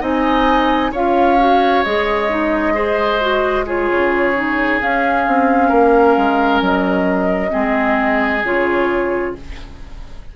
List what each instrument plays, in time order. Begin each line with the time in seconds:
0.00 bassoon C4, clarinet D#4, oboe D#5, flute G#5
0.91 bassoon C#4, clarinet F4, oboe C#5, flute F5
1.38 clarinet F#4
1.84 bassoon G#3, clarinet G#4, flute D#5
2.29 clarinet D#4
2.74 clarinet G#4, oboe C5
3.20 clarinet F#4
3.66 clarinet F4, oboe G#4, flute C#5
3.90 bassoon C#3
4.34 clarinet D#4
4.80 clarinet C#4, bassoon C#4, flute F5
5.27 bassoon C4
5.68 bassoon A#3, oboe A#4
6.17 bassoon G#3
6.61 bassoon F#3, flute D#5
7.49 bassoon G#3, clarinet C4, oboe G#4
8.44 bassoon C#3, clarinet F4, flute C#5